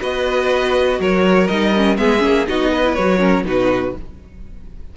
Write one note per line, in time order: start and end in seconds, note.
0.00 1.00 B3
0.00 1.48 F#4
0.00 0.99 B4
0.00 1.01 D#5
1.00 1.49 F#3
1.00 1.98 A#4
1.00 1.47 C#5
1.47 1.98 G3
1.47 1.74 D#4
1.47 1.97 D#5
1.76 1.98 C#4
1.97 2.23 G#3
1.97 2.19 B3
1.97 2.49 G#4
1.97 2.47 E5
2.19 2.48 A#3
2.19 2.44 C#4
2.47 2.98 B3
2.47 2.84 D#4
2.47 2.72 F#4
2.47 2.94 D#5
2.72 3.19 B4
2.84 2.97 E4
2.94 3.44 F#3
2.94 3.19 F#4
2.94 3.44 C#5
3.19 3.43 C#4
3.19 3.44 A#4
3.44 3.93 B2
3.44 3.95 D#4
3.44 3.96 F#4
3.44 3.97 B4